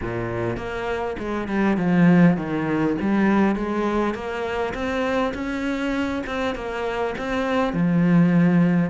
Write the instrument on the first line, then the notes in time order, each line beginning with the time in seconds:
cello
0.01 A#2
0.56 A#3
1.18 G#3
1.48 G3
1.77 F3
2.37 D#3
3.00 G3
3.55 G#3
4.14 A#3
4.74 C4
5.34 C#4
6.26 C4
6.55 A#3
7.18 C4
7.73 F3